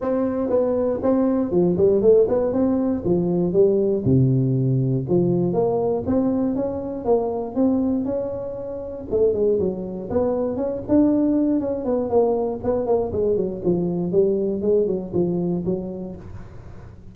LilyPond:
\new Staff \with { instrumentName = "tuba" } { \time 4/4 \tempo 4 = 119 c'4 b4 c'4 f8 g8 | a8 b8 c'4 f4 g4 | c2 f4 ais4 | c'4 cis'4 ais4 c'4 |
cis'2 a8 gis8 fis4 | b4 cis'8 d'4. cis'8 b8 | ais4 b8 ais8 gis8 fis8 f4 | g4 gis8 fis8 f4 fis4 | }